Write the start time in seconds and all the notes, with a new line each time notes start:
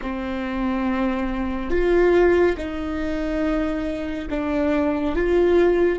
0.02 C4
1.70 F4
2.57 D#4
4.29 D4
5.15 F4